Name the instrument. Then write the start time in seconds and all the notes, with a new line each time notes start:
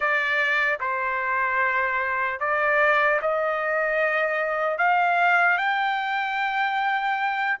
trumpet
0.00 D5
0.80 C5
2.40 D5
3.21 D#5
4.77 F5
5.57 G5